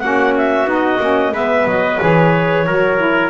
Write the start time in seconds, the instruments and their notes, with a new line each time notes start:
0.00 double bass A#3, saxophone C#4, trumpet F#4, clarinet F#5
0.37 clarinet E5
0.65 double bass B3, saxophone D#4
0.72 clarinet D#5
1.00 double bass A#3, saxophone C#4
1.32 double bass G#3, saxophone B3, trumpet B4, clarinet E5
1.66 double bass F#3, clarinet D#5
2.00 double bass E3, saxophone G#4, clarinet C#5
2.66 double bass F#3, saxophone F#4, trumpet A#4
2.98 saxophone E4